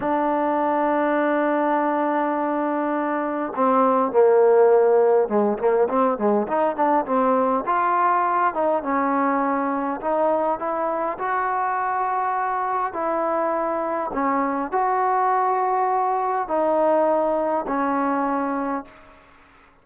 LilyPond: \new Staff \with { instrumentName = "trombone" } { \time 4/4 \tempo 4 = 102 d'1~ | d'2 c'4 ais4~ | ais4 gis8 ais8 c'8 gis8 dis'8 d'8 | c'4 f'4. dis'8 cis'4~ |
cis'4 dis'4 e'4 fis'4~ | fis'2 e'2 | cis'4 fis'2. | dis'2 cis'2 | }